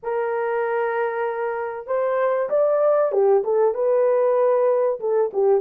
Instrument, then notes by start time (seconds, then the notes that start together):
horn
0.02 A#4
1.86 C5
2.49 D5
3.12 G4
3.44 A4
3.74 B4
4.99 A4
5.33 G4